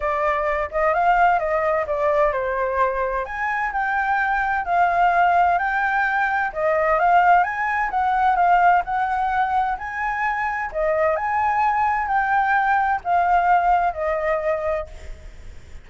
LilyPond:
\new Staff \with { instrumentName = "flute" } { \time 4/4 \tempo 4 = 129 d''4. dis''8 f''4 dis''4 | d''4 c''2 gis''4 | g''2 f''2 | g''2 dis''4 f''4 |
gis''4 fis''4 f''4 fis''4~ | fis''4 gis''2 dis''4 | gis''2 g''2 | f''2 dis''2 | }